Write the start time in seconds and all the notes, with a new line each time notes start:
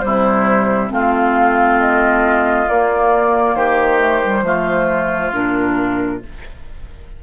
0.00 C3 G3 E4 C5
0.90 A3 C4 F4 F5
1.80 D#5
2.68 A#3 D5
3.55 D#3 G4 C5
3.99 A3
4.23 G3
4.42 F3 A3 F4
5.32 A#2 D4 A#4